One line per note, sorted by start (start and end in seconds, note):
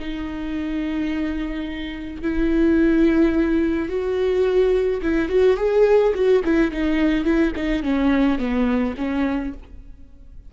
0.00 2.22 D#4
2.22 3.89 E4
3.89 5.01 F#4
5.03 5.29 E4
5.29 5.57 F#4
5.57 6.14 G#4
6.15 6.43 F#4
6.45 6.71 E4
6.71 7.25 D#4
7.25 7.53 E4
7.56 7.83 D#4
7.83 8.39 C#4
8.39 8.95 B3
8.98 9.54 C#4